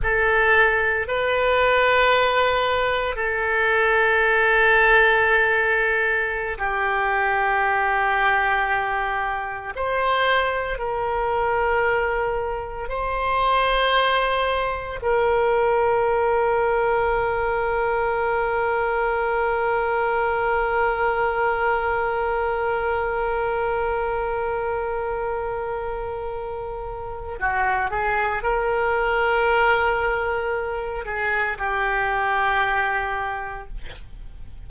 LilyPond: \new Staff \with { instrumentName = "oboe" } { \time 4/4 \tempo 4 = 57 a'4 b'2 a'4~ | a'2~ a'16 g'4.~ g'16~ | g'4~ g'16 c''4 ais'4.~ ais'16~ | ais'16 c''2 ais'4.~ ais'16~ |
ais'1~ | ais'1~ | ais'2 fis'8 gis'8 ais'4~ | ais'4. gis'8 g'2 | }